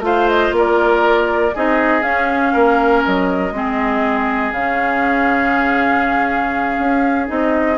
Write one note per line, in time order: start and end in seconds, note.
0.00 0.50 A3
0.00 1.51 F4
0.00 0.56 C5
0.00 0.29 F5
0.29 0.54 D#5
0.52 1.52 A#3
0.52 1.55 A#4
0.58 1.56 D5
1.55 2.02 C4
1.55 2.01 D#4
1.55 2.53 G#4
1.55 2.03 D#5
2.01 3.51 C#4
2.01 2.52 C#4
2.01 3.03 F5
2.53 3.05 A#3
2.53 3.53 A#4
3.05 3.52 F#3
3.05 4.53 D#5
3.52 4.52 G#3
3.52 4.54 C4
3.52 7.78 G#4
4.52 6.77 C#3
4.52 7.27 C#4
4.52 7.28 F5
6.79 7.29 C#4
7.27 7.78 C4
7.27 7.77 D#4
7.27 7.78 D#5